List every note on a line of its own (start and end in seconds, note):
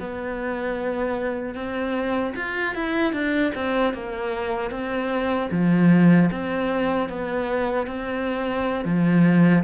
0.00 1.55 B3
1.55 2.34 C4
2.36 2.75 F4
2.75 3.13 E4
3.13 3.53 D4
3.55 3.94 C4
3.94 4.71 A#3
4.71 5.50 C4
5.52 6.31 F3
6.32 7.09 C4
7.09 7.87 B3
7.87 8.85 C4
8.85 9.64 F3